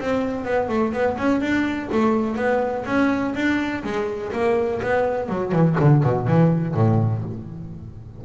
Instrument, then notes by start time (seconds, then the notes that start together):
double bass
0.00 C4
0.45 B3
0.69 A3
0.93 B3
1.17 C#4
1.41 D4
1.92 A3
2.36 B3
2.86 C#4
3.35 D4
3.84 G#3
4.32 A#3
4.82 B3
5.29 F#3
5.52 E3
5.80 D3
6.03 B2
6.27 E3
6.74 A2